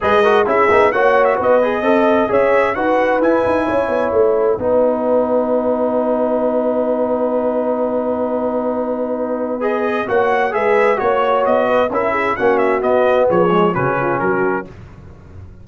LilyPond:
<<
  \new Staff \with { instrumentName = "trumpet" } { \time 4/4 \tempo 4 = 131 dis''4 e''4 fis''8. e''16 dis''4~ | dis''4 e''4 fis''4 gis''4~ | gis''4 fis''2.~ | fis''1~ |
fis''1~ | fis''4 dis''4 fis''4 e''4 | cis''4 dis''4 e''4 fis''8 e''8 | dis''4 cis''4 b'4 ais'4 | }
  \new Staff \with { instrumentName = "horn" } { \time 4/4 b'8 ais'8 gis'4 cis''4 b'4 | dis''4 cis''4 b'2 | cis''2 b'2~ | b'1~ |
b'1~ | b'2 cis''4 b'4 | cis''4. b'8 ais'8 gis'8 fis'4~ | fis'4 gis'4 fis'8 f'8 fis'4 | }
  \new Staff \with { instrumentName = "trombone" } { \time 4/4 gis'8 fis'8 e'8 dis'8 fis'4. gis'8 | a'4 gis'4 fis'4 e'4~ | e'2 dis'2~ | dis'1~ |
dis'1~ | dis'4 gis'4 fis'4 gis'4 | fis'2 e'4 cis'4 | b4. gis8 cis'2 | }
  \new Staff \with { instrumentName = "tuba" } { \time 4/4 gis4 cis'8 b8 ais4 b4 | c'4 cis'4 dis'4 e'8 dis'8 | cis'8 b8 a4 b2~ | b1~ |
b1~ | b2 ais4 gis4 | ais4 b4 cis'4 ais4 | b4 f4 cis4 fis4 | }
>>